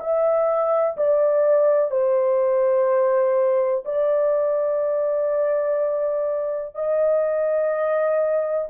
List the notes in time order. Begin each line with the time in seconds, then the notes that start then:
0.00 E5
0.97 D5
1.91 C5
3.85 D5
6.75 D#5